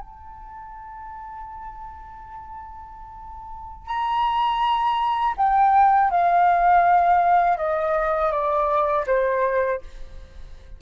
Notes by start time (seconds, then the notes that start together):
0.00 A5
3.87 A#5
5.38 G5
6.11 F5
7.58 D#5
8.32 D5
9.07 C5